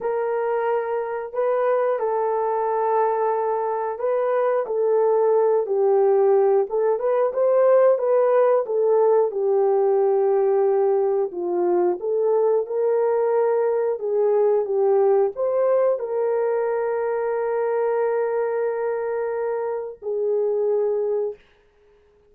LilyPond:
\new Staff \with { instrumentName = "horn" } { \time 4/4 \tempo 4 = 90 ais'2 b'4 a'4~ | a'2 b'4 a'4~ | a'8 g'4. a'8 b'8 c''4 | b'4 a'4 g'2~ |
g'4 f'4 a'4 ais'4~ | ais'4 gis'4 g'4 c''4 | ais'1~ | ais'2 gis'2 | }